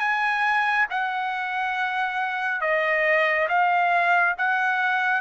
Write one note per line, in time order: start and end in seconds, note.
0.00 0.87 G#5
0.91 2.61 F#5
2.61 3.48 D#5
3.49 4.36 F5
4.38 5.22 F#5